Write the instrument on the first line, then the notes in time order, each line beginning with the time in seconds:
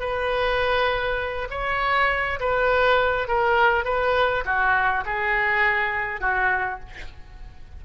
oboe
0.00 B4
1.51 C#5
2.40 B4
3.28 A#4
3.85 B4
4.45 F#4
5.05 G#4
6.21 F#4